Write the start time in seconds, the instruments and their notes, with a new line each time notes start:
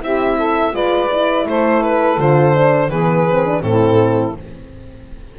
0.00 double bass C4, horn E4, saxophone G4, violin E5
0.36 saxophone A4
0.73 double bass G#3, horn F4, saxophone B4, violin D5
1.11 horn E4
1.46 double bass A3, saxophone A4, violin C5
1.83 violin B4
2.18 double bass D3, horn F4, violin C5
2.54 horn D4
2.89 double bass E3, horn B3, saxophone G#4, violin B4
3.29 horn C4
3.46 horn D4
3.61 double bass A2, horn C4, saxophone E4, violin A4